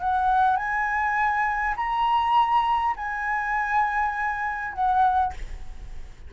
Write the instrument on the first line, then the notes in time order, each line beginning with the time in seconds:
flute
0.00 F#5
0.57 G#5
1.77 A#5
2.96 G#5
4.74 F#5